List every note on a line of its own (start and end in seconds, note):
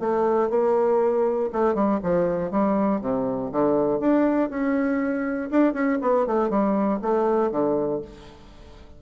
0.00 0.50 A3
0.50 1.50 A#3
1.53 1.75 A3
1.75 2.00 G3
2.03 2.51 F3
2.51 3.01 G3
3.01 3.51 C3
3.52 4.00 D3
4.00 4.50 D4
4.50 5.50 C#4
5.51 5.74 D4
5.74 5.99 C#4
6.02 6.27 B3
6.27 6.50 A3
6.50 7.00 G3
7.02 7.52 A3
7.52 8.02 D3